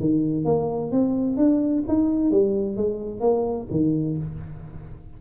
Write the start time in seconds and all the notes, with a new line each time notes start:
0.00 D#3
0.45 A#3
0.92 C4
1.37 D4
1.88 D#4
2.31 G3
2.76 G#3
3.21 A#3
3.71 D#3